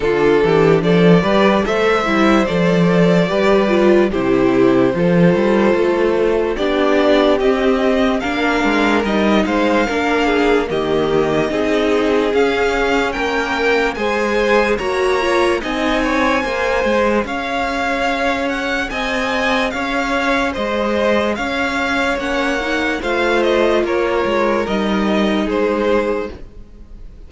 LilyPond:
<<
  \new Staff \with { instrumentName = "violin" } { \time 4/4 \tempo 4 = 73 a'4 d''4 e''4 d''4~ | d''4 c''2. | d''4 dis''4 f''4 dis''8 f''8~ | f''4 dis''2 f''4 |
g''4 gis''4 ais''4 gis''4~ | gis''4 f''4. fis''8 gis''4 | f''4 dis''4 f''4 fis''4 | f''8 dis''8 cis''4 dis''4 c''4 | }
  \new Staff \with { instrumentName = "violin" } { \time 4/4 f'8 g'8 a'8 b'8 c''2 | b'4 g'4 a'2 | g'2 ais'4. c''8 | ais'8 gis'8 g'4 gis'2 |
ais'4 c''4 cis''4 dis''8 cis''8 | c''4 cis''2 dis''4 | cis''4 c''4 cis''2 | c''4 ais'2 gis'4 | }
  \new Staff \with { instrumentName = "viola" } { \time 4/4 d'4. g'8 a'8 e'8 a'4 | g'8 f'8 e'4 f'2 | d'4 c'4 d'4 dis'4 | d'4 ais4 dis'4 cis'4~ |
cis'4 gis'4 fis'8 f'8 dis'4 | gis'1~ | gis'2. cis'8 dis'8 | f'2 dis'2 | }
  \new Staff \with { instrumentName = "cello" } { \time 4/4 d8 e8 f8 g8 a8 g8 f4 | g4 c4 f8 g8 a4 | b4 c'4 ais8 gis8 g8 gis8 | ais4 dis4 c'4 cis'4 |
ais4 gis4 ais4 c'4 | ais8 gis8 cis'2 c'4 | cis'4 gis4 cis'4 ais4 | a4 ais8 gis8 g4 gis4 | }
>>